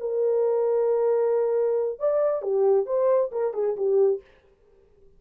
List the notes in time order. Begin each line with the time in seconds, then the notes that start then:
0.00 A#4
1.99 D5
2.42 G4
2.86 C5
3.32 A#4
3.54 G#4
3.77 G4